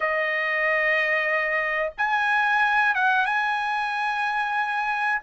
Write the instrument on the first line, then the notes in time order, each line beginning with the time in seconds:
trumpet
0.00 D#5
1.97 G#5
2.94 F#5
3.25 G#5